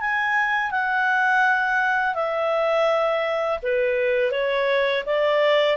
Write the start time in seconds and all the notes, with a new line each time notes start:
0.00 G#5
0.71 F#5
2.15 E5
3.62 B4
4.31 C#5
5.06 D5